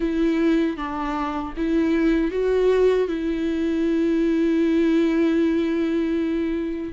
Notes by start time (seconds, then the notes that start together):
0.00 E4
0.76 D4
1.56 E4
2.31 F#4
3.08 E4